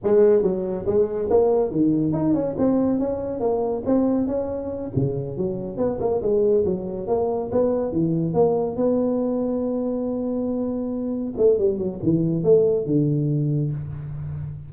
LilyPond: \new Staff \with { instrumentName = "tuba" } { \time 4/4 \tempo 4 = 140 gis4 fis4 gis4 ais4 | dis4 dis'8 cis'8 c'4 cis'4 | ais4 c'4 cis'4. cis8~ | cis8 fis4 b8 ais8 gis4 fis8~ |
fis8 ais4 b4 e4 ais8~ | ais8 b2.~ b8~ | b2~ b8 a8 g8 fis8 | e4 a4 d2 | }